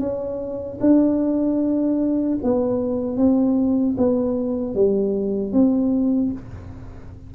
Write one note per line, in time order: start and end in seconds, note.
0.00 0.79 C#4
0.81 2.39 D4
2.43 3.17 B3
3.17 3.96 C4
3.98 4.74 B3
4.74 5.53 G3
5.53 6.32 C4